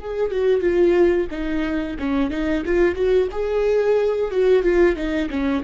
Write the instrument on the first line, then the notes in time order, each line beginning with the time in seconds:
viola
0.00 G#4
0.32 F#4
0.61 F4
1.31 D#4
1.99 C#4
2.31 D#4
2.66 F4
2.95 F#4
3.32 G#4
4.32 F#4
4.63 F4
4.96 D#4
5.30 C#4